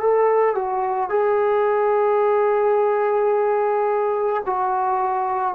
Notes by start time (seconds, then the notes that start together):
0.00 A4
0.55 F#4
1.09 G#4
4.45 F#4